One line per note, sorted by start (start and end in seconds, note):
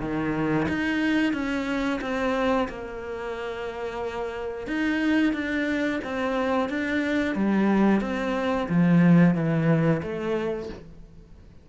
0.00 0.67 D#3
0.68 1.33 D#4
1.33 2.00 C#4
2.01 2.68 C4
2.69 4.68 A#3
4.68 5.33 D#4
5.33 6.00 D4
6.04 6.69 C4
6.69 7.35 D4
7.35 8.01 G3
8.01 8.68 C4
8.69 9.35 F3
9.35 10.02 E3
10.03 10.69 A3